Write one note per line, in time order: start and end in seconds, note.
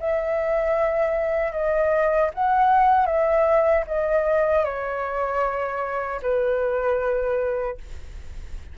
0.00 1.53 E5
1.53 2.31 D#5
2.34 3.06 F#5
3.06 3.84 E5
3.87 4.65 D#5
4.65 6.21 C#5
6.22 7.78 B4